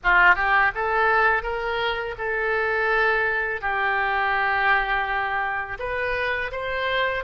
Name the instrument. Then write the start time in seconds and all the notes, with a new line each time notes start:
oboe
0.03 F4
0.35 G4
0.74 A4
1.43 A#4
2.18 A4
3.61 G4
5.79 B4
6.51 C5